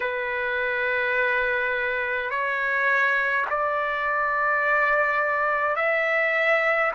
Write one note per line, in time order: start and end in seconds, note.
0.00 2.30 B4
2.30 3.45 C#5
3.50 5.76 D5
5.76 6.91 E5